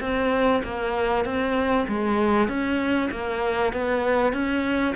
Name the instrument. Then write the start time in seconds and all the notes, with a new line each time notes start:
cello
0.00 C4
0.64 A#3
1.25 C4
1.88 G#3
2.48 C#4
3.11 A#3
3.73 B3
4.33 C#4